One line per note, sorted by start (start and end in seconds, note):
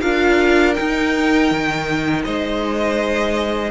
0.00 0.77 D4
0.00 0.75 F4
0.00 2.24 A#4
0.00 0.73 F5
0.73 3.71 D#4
0.73 1.51 D#4
0.73 2.21 G5
1.51 2.25 D#3
2.24 3.71 G#3
2.24 3.71 C5
2.24 3.71 D#5